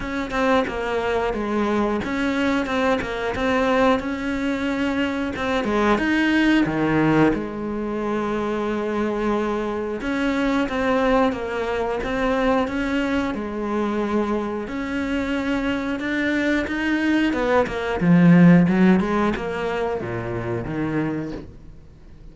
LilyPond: \new Staff \with { instrumentName = "cello" } { \time 4/4 \tempo 4 = 90 cis'8 c'8 ais4 gis4 cis'4 | c'8 ais8 c'4 cis'2 | c'8 gis8 dis'4 dis4 gis4~ | gis2. cis'4 |
c'4 ais4 c'4 cis'4 | gis2 cis'2 | d'4 dis'4 b8 ais8 f4 | fis8 gis8 ais4 ais,4 dis4 | }